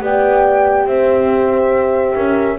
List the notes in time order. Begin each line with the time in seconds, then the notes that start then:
0.00 B3 G4 D5 G5
0.85 C4 C5 E5
2.15 C#4 A#4